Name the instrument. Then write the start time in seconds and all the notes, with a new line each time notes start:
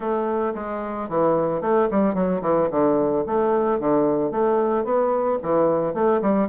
bassoon
0.00 A3
0.54 G#3
1.08 E3
1.61 A3
1.90 G3
2.14 F#3
2.41 E3
2.70 D3
3.26 A3
3.79 D3
4.31 A3
4.84 B3
5.42 E3
5.94 A3
6.21 G3